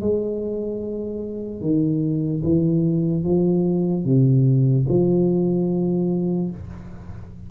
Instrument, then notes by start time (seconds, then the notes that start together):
tuba
0.00 G#3
1.61 D#3
2.43 E3
3.23 F3
4.04 C3
4.88 F3